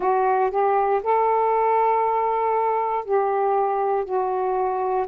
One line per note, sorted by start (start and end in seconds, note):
0.00 0.50 F#4
0.50 1.01 G4
1.03 3.05 A4
3.05 4.04 G4
4.04 5.06 F#4